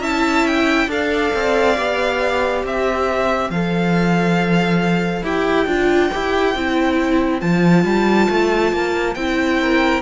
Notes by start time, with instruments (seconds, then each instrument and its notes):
0.00 cello C#4, viola E4, violin E5 A5
0.47 violin G5
0.87 cello D4, viola A4, violin F5
0.93 violin D5
1.35 cello C4
1.77 cello B3, viola G4
2.64 cello C4, violin C5 E5
3.50 cello F3, viola A4, violin F5
5.23 cello E4, viola G4, violin G5
5.66 cello D4, viola F4
6.12 cello E4, viola G4
6.55 cello C4, viola E4
7.41 cello F3, viola F4, violin A5
7.85 cello G3
8.30 cello A3
8.72 cello A#3
9.15 cello C4, viola E4, violin G5
9.61 violin A#4